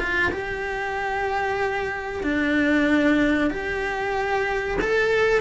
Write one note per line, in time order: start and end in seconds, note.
0.00 0.32 F4
0.32 2.24 G4
2.24 3.51 D4
3.51 4.78 G4
4.81 5.41 A4